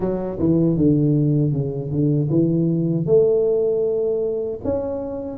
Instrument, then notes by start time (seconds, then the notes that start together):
tuba
0.00 F#3
0.39 E3
0.77 D3
1.52 C#3
1.90 D3
2.30 E3
3.06 A3
4.64 C#4